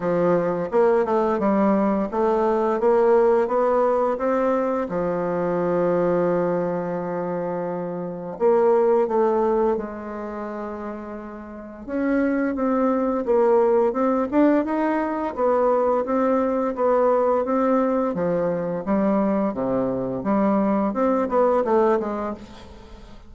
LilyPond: \new Staff \with { instrumentName = "bassoon" } { \time 4/4 \tempo 4 = 86 f4 ais8 a8 g4 a4 | ais4 b4 c'4 f4~ | f1 | ais4 a4 gis2~ |
gis4 cis'4 c'4 ais4 | c'8 d'8 dis'4 b4 c'4 | b4 c'4 f4 g4 | c4 g4 c'8 b8 a8 gis8 | }